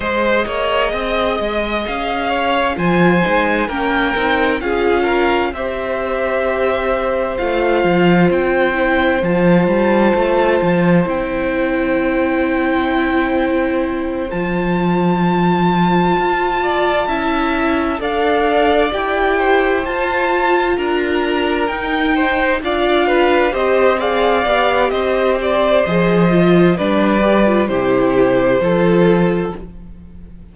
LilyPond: <<
  \new Staff \with { instrumentName = "violin" } { \time 4/4 \tempo 4 = 65 dis''2 f''4 gis''4 | g''4 f''4 e''2 | f''4 g''4 a''2 | g''2.~ g''8 a''8~ |
a''2.~ a''8 f''8~ | f''8 g''4 a''4 ais''4 g''8~ | g''8 f''4 dis''8 f''4 dis''8 d''8 | dis''4 d''4 c''2 | }
  \new Staff \with { instrumentName = "violin" } { \time 4/4 c''8 cis''8 dis''4. cis''8 c''4 | ais'4 gis'8 ais'8 c''2~ | c''1~ | c''1~ |
c''2 d''8 e''4 d''8~ | d''4 c''4. ais'4. | c''8 d''8 b'8 c''8 d''4 c''4~ | c''4 b'4 g'4 a'4 | }
  \new Staff \with { instrumentName = "viola" } { \time 4/4 gis'2. f'8 dis'8 | cis'8 dis'8 f'4 g'2 | f'4. e'8 f'2 | e'2.~ e'8 f'8~ |
f'2~ f'8 e'4 a'8~ | a'8 g'4 f'2 dis'8~ | dis'8 f'4 g'8 gis'8 g'4. | gis'8 f'8 d'8 g'16 f'16 e'4 f'4 | }
  \new Staff \with { instrumentName = "cello" } { \time 4/4 gis8 ais8 c'8 gis8 cis'4 f8 gis8 | ais8 c'8 cis'4 c'2 | a8 f8 c'4 f8 g8 a8 f8 | c'2.~ c'8 f8~ |
f4. f'4 cis'4 d'8~ | d'8 e'4 f'4 d'4 dis'8~ | dis'8 d'4 c'4 b8 c'4 | f4 g4 c4 f4 | }
>>